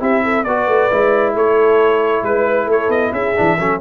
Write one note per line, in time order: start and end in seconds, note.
0.00 0.45 C4
0.00 0.45 E4
0.00 0.23 G4
0.00 0.44 E5
0.24 0.46 A4
0.44 0.67 B3
0.44 0.91 F#4
0.44 1.34 B4
0.44 1.33 D5
0.67 0.90 A3
0.91 1.35 G#3
0.91 3.36 E4
1.34 2.23 A3
1.34 2.24 A4
1.34 2.24 C#5
2.23 2.66 G#3
2.23 2.69 B4
2.66 2.88 A3
2.66 3.13 A4
2.66 2.91 C#5
2.88 3.11 B3
2.88 3.13 D#5
3.12 3.35 C#4
3.12 3.58 G#4
3.12 3.80 E5
3.36 3.60 E3
3.36 3.58 D4
3.58 3.80 F#3
3.58 3.80 C#4
3.58 3.80 A4